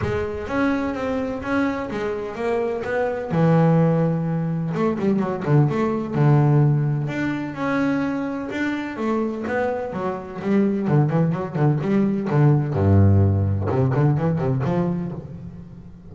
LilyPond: \new Staff \with { instrumentName = "double bass" } { \time 4/4 \tempo 4 = 127 gis4 cis'4 c'4 cis'4 | gis4 ais4 b4 e4~ | e2 a8 g8 fis8 d8 | a4 d2 d'4 |
cis'2 d'4 a4 | b4 fis4 g4 d8 e8 | fis8 d8 g4 d4 g,4~ | g,4 c8 d8 e8 c8 f4 | }